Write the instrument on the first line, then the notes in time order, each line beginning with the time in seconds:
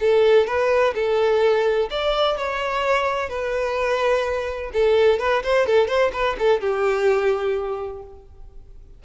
violin
0.00 A4
0.47 B4
0.95 A4
1.90 D5
2.37 C#5
3.29 B4
4.73 A4
5.19 B4
5.43 C5
5.66 A4
5.88 C5
6.13 B4
6.39 A4
6.61 G4